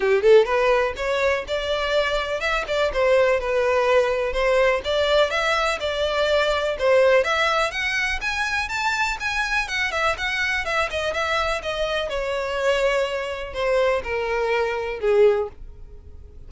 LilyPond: \new Staff \with { instrumentName = "violin" } { \time 4/4 \tempo 4 = 124 g'8 a'8 b'4 cis''4 d''4~ | d''4 e''8 d''8 c''4 b'4~ | b'4 c''4 d''4 e''4 | d''2 c''4 e''4 |
fis''4 gis''4 a''4 gis''4 | fis''8 e''8 fis''4 e''8 dis''8 e''4 | dis''4 cis''2. | c''4 ais'2 gis'4 | }